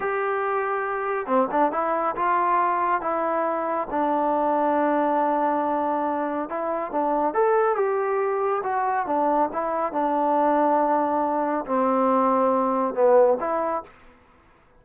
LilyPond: \new Staff \with { instrumentName = "trombone" } { \time 4/4 \tempo 4 = 139 g'2. c'8 d'8 | e'4 f'2 e'4~ | e'4 d'2.~ | d'2. e'4 |
d'4 a'4 g'2 | fis'4 d'4 e'4 d'4~ | d'2. c'4~ | c'2 b4 e'4 | }